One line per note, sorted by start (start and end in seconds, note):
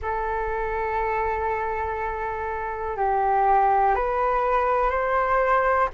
0.01 2.96 A4
2.96 3.95 G4
3.95 4.90 B4
4.90 5.88 C5